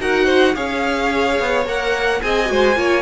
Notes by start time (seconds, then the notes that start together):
0.00 D#4 F#4 A#4 F#5
0.25 C5
0.55 C#4 G#4 C#5 F5
1.40 B3
1.66 A#3 A#4 F#5
2.22 C4 G#4 D#5 G#5
2.46 G#3 F#4
2.52 C5
2.76 A#3 F4 C#5